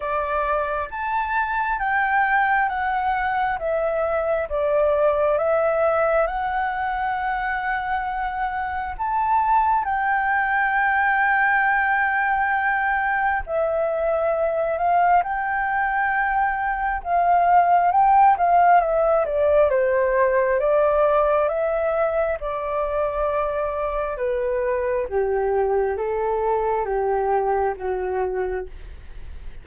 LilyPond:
\new Staff \with { instrumentName = "flute" } { \time 4/4 \tempo 4 = 67 d''4 a''4 g''4 fis''4 | e''4 d''4 e''4 fis''4~ | fis''2 a''4 g''4~ | g''2. e''4~ |
e''8 f''8 g''2 f''4 | g''8 f''8 e''8 d''8 c''4 d''4 | e''4 d''2 b'4 | g'4 a'4 g'4 fis'4 | }